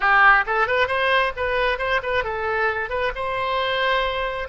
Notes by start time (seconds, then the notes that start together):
0.00 G4
0.46 A4
0.67 B4
0.87 C5
1.36 B4
1.78 C5
2.03 B4
2.23 A4
2.89 B4
3.15 C5